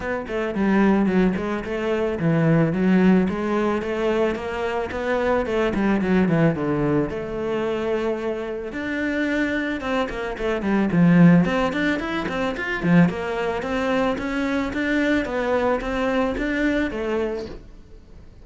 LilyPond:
\new Staff \with { instrumentName = "cello" } { \time 4/4 \tempo 4 = 110 b8 a8 g4 fis8 gis8 a4 | e4 fis4 gis4 a4 | ais4 b4 a8 g8 fis8 e8 | d4 a2. |
d'2 c'8 ais8 a8 g8 | f4 c'8 d'8 e'8 c'8 f'8 f8 | ais4 c'4 cis'4 d'4 | b4 c'4 d'4 a4 | }